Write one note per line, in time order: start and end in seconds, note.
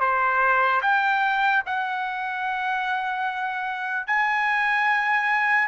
0.00 0.81 C5
0.82 1.63 G5
1.66 4.07 F#5
4.07 5.68 G#5